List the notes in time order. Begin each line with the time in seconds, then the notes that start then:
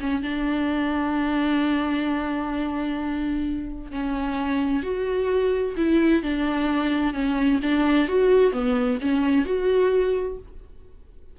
0.00 C#4
0.22 D4
3.91 C#4
4.83 F#4
5.77 E4
6.22 D4
7.13 C#4
7.62 D4
8.08 F#4
8.52 B3
9.01 C#4
9.45 F#4